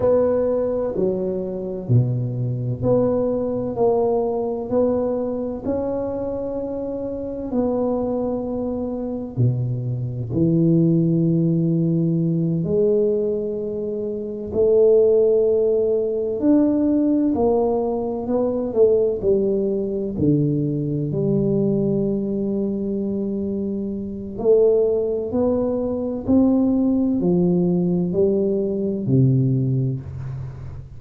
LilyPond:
\new Staff \with { instrumentName = "tuba" } { \time 4/4 \tempo 4 = 64 b4 fis4 b,4 b4 | ais4 b4 cis'2 | b2 b,4 e4~ | e4. gis2 a8~ |
a4. d'4 ais4 b8 | a8 g4 d4 g4.~ | g2 a4 b4 | c'4 f4 g4 c4 | }